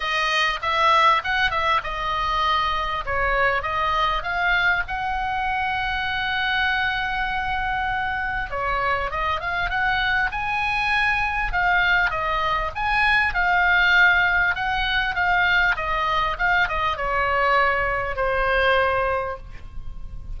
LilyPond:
\new Staff \with { instrumentName = "oboe" } { \time 4/4 \tempo 4 = 99 dis''4 e''4 fis''8 e''8 dis''4~ | dis''4 cis''4 dis''4 f''4 | fis''1~ | fis''2 cis''4 dis''8 f''8 |
fis''4 gis''2 f''4 | dis''4 gis''4 f''2 | fis''4 f''4 dis''4 f''8 dis''8 | cis''2 c''2 | }